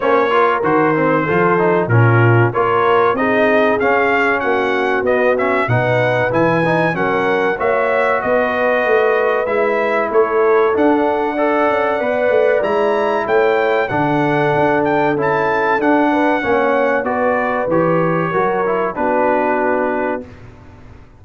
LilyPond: <<
  \new Staff \with { instrumentName = "trumpet" } { \time 4/4 \tempo 4 = 95 cis''4 c''2 ais'4 | cis''4 dis''4 f''4 fis''4 | dis''8 e''8 fis''4 gis''4 fis''4 | e''4 dis''2 e''4 |
cis''4 fis''2. | ais''4 g''4 fis''4. g''8 | a''4 fis''2 d''4 | cis''2 b'2 | }
  \new Staff \with { instrumentName = "horn" } { \time 4/4 c''8 ais'4. a'4 f'4 | ais'4 gis'2 fis'4~ | fis'4 b'2 ais'4 | cis''4 b'2. |
a'2 d''2~ | d''4 cis''4 a'2~ | a'4. b'8 cis''4 b'4~ | b'4 ais'4 fis'2 | }
  \new Staff \with { instrumentName = "trombone" } { \time 4/4 cis'8 f'8 fis'8 c'8 f'8 dis'8 cis'4 | f'4 dis'4 cis'2 | b8 cis'8 dis'4 e'8 dis'8 cis'4 | fis'2. e'4~ |
e'4 d'4 a'4 b'4 | e'2 d'2 | e'4 d'4 cis'4 fis'4 | g'4 fis'8 e'8 d'2 | }
  \new Staff \with { instrumentName = "tuba" } { \time 4/4 ais4 dis4 f4 ais,4 | ais4 c'4 cis'4 ais4 | b4 b,4 e4 fis4 | ais4 b4 a4 gis4 |
a4 d'4. cis'8 b8 a8 | gis4 a4 d4 d'4 | cis'4 d'4 ais4 b4 | e4 fis4 b2 | }
>>